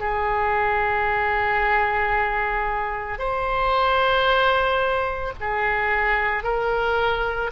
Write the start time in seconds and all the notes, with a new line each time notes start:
0.00 G#4
3.19 C5
5.40 G#4
6.44 A#4